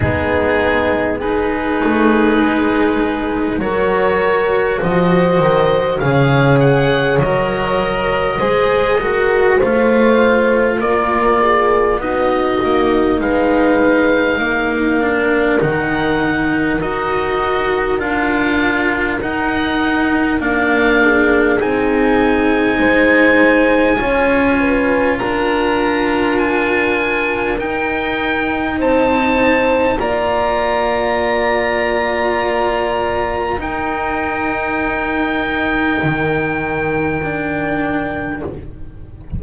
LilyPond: <<
  \new Staff \with { instrumentName = "oboe" } { \time 4/4 \tempo 4 = 50 gis'4 b'2 cis''4 | dis''4 f''8 fis''8 dis''2 | f''4 d''4 dis''4 f''4~ | f''4 fis''4 dis''4 f''4 |
fis''4 f''4 gis''2~ | gis''4 ais''4 gis''4 g''4 | a''4 ais''2. | g''1 | }
  \new Staff \with { instrumentName = "horn" } { \time 4/4 dis'4 gis'2 ais'4 | c''4 cis''2 c''8 ais'8 | c''4 ais'8 gis'8 fis'4 b'4 | ais'1~ |
ais'4. gis'4. c''4 | cis''8 b'8 ais'2. | c''4 d''2. | ais'1 | }
  \new Staff \with { instrumentName = "cello" } { \time 4/4 b4 dis'2 fis'4~ | fis'4 gis'4 ais'4 gis'8 fis'8 | f'2 dis'2~ | dis'8 d'8 dis'4 fis'4 f'4 |
dis'4 d'4 dis'2 | f'2. dis'4~ | dis'4 f'2. | dis'2. d'4 | }
  \new Staff \with { instrumentName = "double bass" } { \time 4/4 gis4. a8 gis4 fis4 | f8 dis8 cis4 fis4 gis4 | a4 ais4 b8 ais8 gis4 | ais4 dis4 dis'4 d'4 |
dis'4 ais4 c'4 gis4 | cis'4 d'2 dis'4 | c'4 ais2. | dis'2 dis2 | }
>>